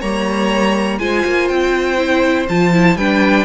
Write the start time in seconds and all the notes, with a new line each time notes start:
0.00 G3 A#3 C#5 A#5
0.99 G#3 F4 C5 G#5
1.25 A#3
1.48 C4 G5
1.98 E4
2.49 F3 F4 A5
2.73 E4
2.96 G3 D4 B4 G5